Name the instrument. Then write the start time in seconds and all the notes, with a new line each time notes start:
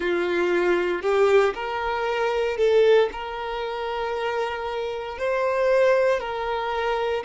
violin
0.00 F4
1.02 G4
1.54 A#4
2.57 A4
3.12 A#4
5.18 C5
6.20 A#4